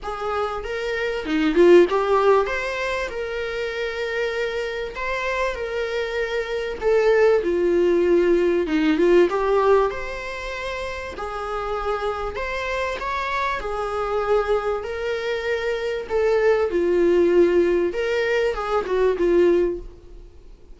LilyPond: \new Staff \with { instrumentName = "viola" } { \time 4/4 \tempo 4 = 97 gis'4 ais'4 dis'8 f'8 g'4 | c''4 ais'2. | c''4 ais'2 a'4 | f'2 dis'8 f'8 g'4 |
c''2 gis'2 | c''4 cis''4 gis'2 | ais'2 a'4 f'4~ | f'4 ais'4 gis'8 fis'8 f'4 | }